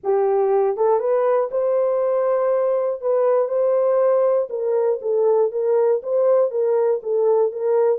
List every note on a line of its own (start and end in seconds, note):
0.03 0.76 G4
0.76 0.99 A4
0.99 1.49 B4
1.51 3.01 C5
3.01 3.48 B4
3.48 4.48 C5
4.49 4.99 A#4
5.01 5.51 A4
5.51 6.01 A#4
6.02 6.50 C5
6.50 7.00 A#4
7.02 7.52 A4
7.52 7.99 A#4